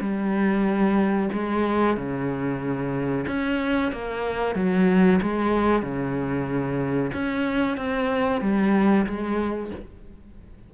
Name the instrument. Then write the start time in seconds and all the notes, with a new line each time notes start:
cello
0.00 G3
1.32 G#3
1.96 C#3
3.27 C#4
3.92 A#3
4.55 F#3
5.22 G#3
5.82 C#3
7.13 C#4
7.77 C4
8.41 G3
9.06 G#3